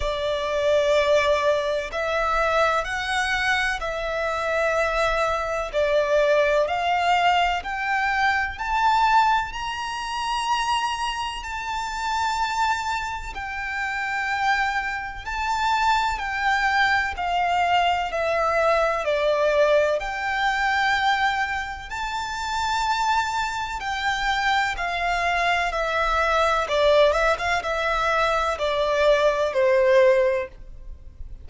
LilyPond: \new Staff \with { instrumentName = "violin" } { \time 4/4 \tempo 4 = 63 d''2 e''4 fis''4 | e''2 d''4 f''4 | g''4 a''4 ais''2 | a''2 g''2 |
a''4 g''4 f''4 e''4 | d''4 g''2 a''4~ | a''4 g''4 f''4 e''4 | d''8 e''16 f''16 e''4 d''4 c''4 | }